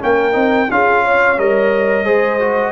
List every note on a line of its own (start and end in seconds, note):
0.00 0.35 A#3
0.00 0.33 C#4
0.00 0.70 A#4
0.00 0.71 G5
0.33 0.69 C4
0.33 0.67 D#4
0.71 1.38 C#4
0.71 1.38 F4
0.71 1.05 G#4
0.71 1.39 F5
1.05 2.06 C#5
1.38 2.05 G3
1.38 2.05 A#4
1.38 2.72 D#5
2.05 2.72 G#3
2.05 2.39 G#4
2.05 2.72 C5
2.40 2.72 F#4